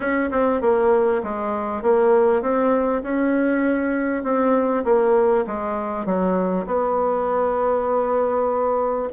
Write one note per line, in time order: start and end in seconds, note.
0.00 0.30 C#4
0.31 0.61 C4
0.61 1.21 A#3
1.23 1.82 G#3
1.82 2.42 A#3
2.42 3.02 C4
3.02 4.23 C#4
4.23 4.84 C4
4.84 5.45 A#3
5.46 6.05 G#3
6.05 6.66 F#3
6.66 9.09 B3